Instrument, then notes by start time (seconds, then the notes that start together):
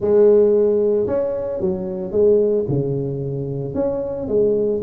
tuba
0.00 G#3
1.06 C#4
1.60 F#3
2.11 G#3
2.68 C#3
3.74 C#4
4.27 G#3